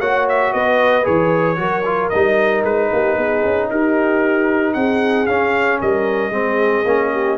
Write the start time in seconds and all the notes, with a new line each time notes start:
0.00 A#3 F#4 C#5 F#5
0.29 E5
0.53 B3 B4 D#5
1.04 E3 G#4 C#5
1.57 F#3 F#4 A#4
1.85 F4
2.10 G3 D#4 D#5
2.64 G#3 B4
2.92 A#3 G4
3.16 B3 G#4
3.45 C#4
3.71 D#4 G4 A#4
4.74 C4 G#4 F#5
5.26 C#4 F5
5.80 G3 A#4 D#5
6.30 G#3 C4 G#4
6.85 A#3 C#4
7.13 G4